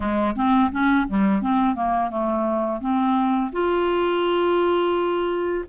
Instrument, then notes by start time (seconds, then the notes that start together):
clarinet
0.00 G#3
0.35 C4
0.71 C#4
1.07 G3
1.41 C4
1.75 A#3
2.10 A3
2.80 C4
3.52 F4